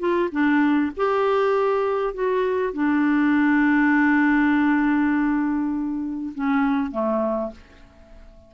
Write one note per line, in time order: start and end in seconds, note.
0.00 0.30 F4
0.32 0.92 D4
0.97 2.14 G4
2.14 2.74 F#4
2.74 6.34 D4
6.35 6.92 C#4
6.92 7.52 A3